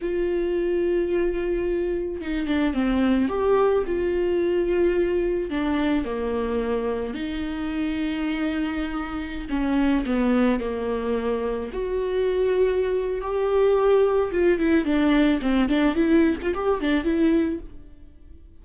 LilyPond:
\new Staff \with { instrumentName = "viola" } { \time 4/4 \tempo 4 = 109 f'1 | dis'8 d'8 c'4 g'4 f'4~ | f'2 d'4 ais4~ | ais4 dis'2.~ |
dis'4~ dis'16 cis'4 b4 ais8.~ | ais4~ ais16 fis'2~ fis'8. | g'2 f'8 e'8 d'4 | c'8 d'8 e'8. f'16 g'8 d'8 e'4 | }